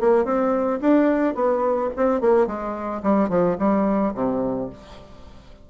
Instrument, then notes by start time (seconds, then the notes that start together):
bassoon
0.00 A#3
0.25 C4
0.81 D4
1.35 B3
1.96 C4
2.21 A#3
2.47 G#3
3.03 G3
3.29 F3
3.59 G3
4.14 C3